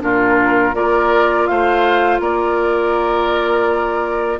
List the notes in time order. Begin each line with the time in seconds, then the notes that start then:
0.00 A#2 D4 F4 A#4
0.73 A#3 F4 A#4 D5
1.46 A3 C5 F5
2.19 A#3 A#4 D5